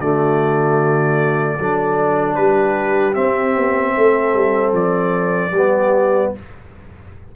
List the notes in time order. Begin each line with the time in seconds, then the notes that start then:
0.00 D3 A3 F#4 D5
1.60 F#3 D4 A4
2.35 G3 G4 B4
3.15 C4 E5
3.57 B3
3.96 A3 A4
4.34 G3
4.73 F3 D5
5.51 G3 B3 G4